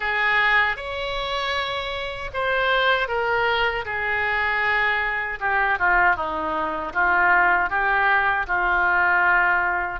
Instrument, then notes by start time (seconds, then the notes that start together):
oboe
0.00 G#4
0.76 C#5
2.33 C5
3.08 A#4
3.85 G#4
5.40 G4
5.78 F4
6.15 D#4
6.93 F4
7.69 G4
8.47 F4